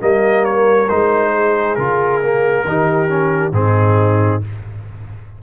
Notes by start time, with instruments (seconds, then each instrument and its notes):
0.00 tuba G3, trombone A#3, horn A#4, trumpet D#5
0.45 trumpet C#5
0.89 tuba G#3, trombone D#4, trumpet C5
1.32 horn G#4
1.75 tuba C#3, trombone F4, trumpet A#4
2.22 trombone A#3
2.64 tuba D#3, trombone D#4, horn G4
3.09 trombone C#4
3.52 tuba G#2, trombone C4, horn D#4, trumpet G#4